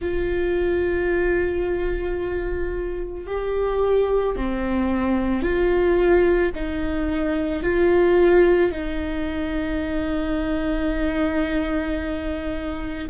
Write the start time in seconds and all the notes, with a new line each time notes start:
0.01 F4
3.27 G4
4.36 C4
5.42 F4
6.55 D#4
7.62 F4
8.71 D#4